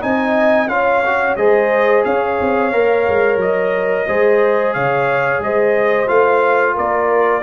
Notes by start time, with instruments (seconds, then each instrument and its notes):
0.00 tuba C4, trombone D#4, horn D#5, trumpet G#5
0.67 tuba C#4, trombone F4, horn C#5, trumpet F5
1.05 trombone F#4
1.36 tuba G#3, trombone G#4, horn C5, trumpet D#5
2.04 tuba C#4, horn C#5, trumpet F5
2.40 tuba C4
2.72 tuba A#3, trombone A#4
3.08 tuba G#3
3.36 tuba F#3, trumpet D#5
4.07 tuba G#3, trombone G#4, horn C5
4.73 tuba C#3, horn C#5, trumpet F5
5.39 tuba G#3, horn C5, trumpet D#5
6.07 tuba A3, trombone F4, trumpet F5
6.74 tuba A#3, horn A#4, trumpet D5